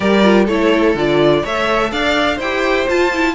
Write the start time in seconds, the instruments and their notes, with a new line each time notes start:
0.00 cello G3, viola G4, violin A#4 D5
0.23 viola F4
0.45 cello A3, viola E4, violin A4 C#5
0.94 cello D3, viola F4, violin D5
1.42 cello A3, viola A4, violin C#5 E5
1.91 cello D4, violin D5 F5
2.35 cello E4, violin C5 G5
2.43 viola G4
2.87 viola F4, cello F4, violin A5
3.13 viola E4